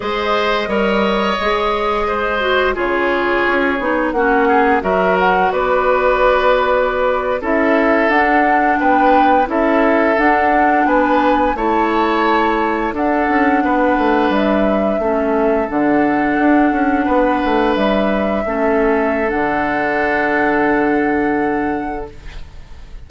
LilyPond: <<
  \new Staff \with { instrumentName = "flute" } { \time 4/4 \tempo 4 = 87 dis''1 | cis''2 fis''4 e''8 fis''8 | d''2~ d''8. e''4 fis''16~ | fis''8. g''4 e''4 fis''4 gis''16~ |
gis''8. a''2 fis''4~ fis''16~ | fis''8. e''2 fis''4~ fis''16~ | fis''4.~ fis''16 e''2~ e''16 | fis''1 | }
  \new Staff \with { instrumentName = "oboe" } { \time 4/4 c''4 cis''2 c''4 | gis'2 fis'8 gis'8 ais'4 | b'2~ b'8. a'4~ a'16~ | a'8. b'4 a'2 b'16~ |
b'8. cis''2 a'4 b'16~ | b'4.~ b'16 a'2~ a'16~ | a'8. b'2 a'4~ a'16~ | a'1 | }
  \new Staff \with { instrumentName = "clarinet" } { \time 4/4 gis'4 ais'4 gis'4. fis'8 | f'4. dis'8 cis'4 fis'4~ | fis'2~ fis'8. e'4 d'16~ | d'4.~ d'16 e'4 d'4~ d'16~ |
d'8. e'2 d'4~ d'16~ | d'4.~ d'16 cis'4 d'4~ d'16~ | d'2~ d'8. cis'4~ cis'16 | d'1 | }
  \new Staff \with { instrumentName = "bassoon" } { \time 4/4 gis4 g4 gis2 | cis4 cis'8 b8 ais4 fis4 | b2~ b8. cis'4 d'16~ | d'8. b4 cis'4 d'4 b16~ |
b8. a2 d'8 cis'8 b16~ | b16 a8 g4 a4 d4 d'16~ | d'16 cis'8 b8 a8 g4 a4~ a16 | d1 | }
>>